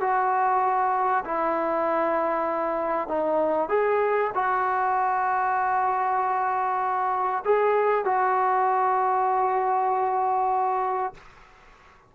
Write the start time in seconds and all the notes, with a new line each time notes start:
0.00 F#4
1.25 E4
3.08 D#4
3.69 G#4
4.34 F#4
7.44 G#4
8.04 F#4